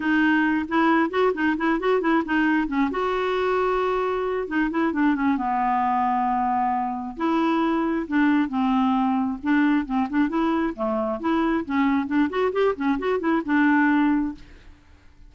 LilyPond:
\new Staff \with { instrumentName = "clarinet" } { \time 4/4 \tempo 4 = 134 dis'4. e'4 fis'8 dis'8 e'8 | fis'8 e'8 dis'4 cis'8 fis'4.~ | fis'2 dis'8 e'8 d'8 cis'8 | b1 |
e'2 d'4 c'4~ | c'4 d'4 c'8 d'8 e'4 | a4 e'4 cis'4 d'8 fis'8 | g'8 cis'8 fis'8 e'8 d'2 | }